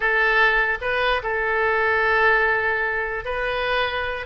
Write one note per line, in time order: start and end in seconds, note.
0.00 0.78 A4
0.81 1.22 B4
1.23 3.24 A4
3.24 4.26 B4